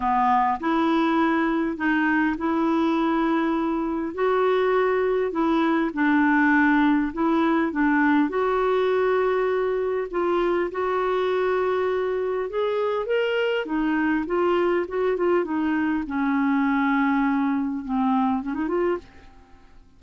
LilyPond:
\new Staff \with { instrumentName = "clarinet" } { \time 4/4 \tempo 4 = 101 b4 e'2 dis'4 | e'2. fis'4~ | fis'4 e'4 d'2 | e'4 d'4 fis'2~ |
fis'4 f'4 fis'2~ | fis'4 gis'4 ais'4 dis'4 | f'4 fis'8 f'8 dis'4 cis'4~ | cis'2 c'4 cis'16 dis'16 f'8 | }